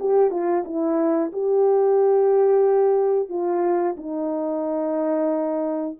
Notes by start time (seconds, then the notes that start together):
0.00 G4
0.31 F4
0.65 E4
1.33 G4
3.29 F4
3.97 D#4